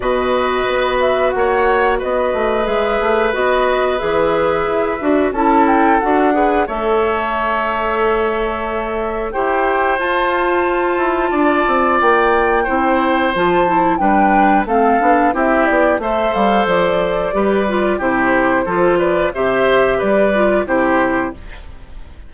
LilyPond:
<<
  \new Staff \with { instrumentName = "flute" } { \time 4/4 \tempo 4 = 90 dis''4. e''8 fis''4 dis''4 | e''4 dis''4 e''2 | a''8 g''8 fis''4 e''2~ | e''2 g''4 a''4~ |
a''2 g''2 | a''4 g''4 f''4 e''8 d''8 | e''8 f''8 d''2 c''4~ | c''8 d''8 e''4 d''4 c''4 | }
  \new Staff \with { instrumentName = "oboe" } { \time 4/4 b'2 cis''4 b'4~ | b'1 | a'4. b'8 cis''2~ | cis''2 c''2~ |
c''4 d''2 c''4~ | c''4 b'4 a'4 g'4 | c''2 b'4 g'4 | a'8 b'8 c''4 b'4 g'4 | }
  \new Staff \with { instrumentName = "clarinet" } { \time 4/4 fis'1 | gis'4 fis'4 gis'4. fis'8 | e'4 fis'8 gis'8 a'2~ | a'2 g'4 f'4~ |
f'2. e'4 | f'8 e'8 d'4 c'8 d'8 e'4 | a'2 g'8 f'8 e'4 | f'4 g'4. f'8 e'4 | }
  \new Staff \with { instrumentName = "bassoon" } { \time 4/4 b,4 b4 ais4 b8 a8 | gis8 a8 b4 e4 e'8 d'8 | cis'4 d'4 a2~ | a2 e'4 f'4~ |
f'8 e'8 d'8 c'8 ais4 c'4 | f4 g4 a8 b8 c'8 b8 | a8 g8 f4 g4 c4 | f4 c4 g4 c4 | }
>>